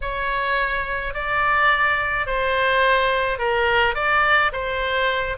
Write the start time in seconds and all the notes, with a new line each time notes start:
0.01 C#5
1.13 D5
2.26 C5
3.38 A#4
3.95 D5
4.52 C5